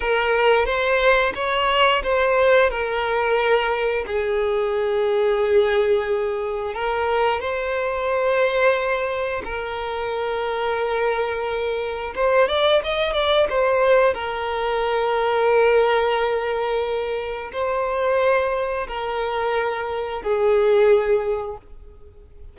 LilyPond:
\new Staff \with { instrumentName = "violin" } { \time 4/4 \tempo 4 = 89 ais'4 c''4 cis''4 c''4 | ais'2 gis'2~ | gis'2 ais'4 c''4~ | c''2 ais'2~ |
ais'2 c''8 d''8 dis''8 d''8 | c''4 ais'2.~ | ais'2 c''2 | ais'2 gis'2 | }